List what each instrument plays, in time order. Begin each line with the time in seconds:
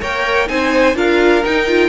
0.00 cello A#3, viola A#4, violin C#5 G5
0.46 cello C4, viola D#4, violin C5 G#5
0.95 cello D4, viola F4, violin A#4 F5
1.44 viola D#4, cello D#4, violin G5
1.67 viola F4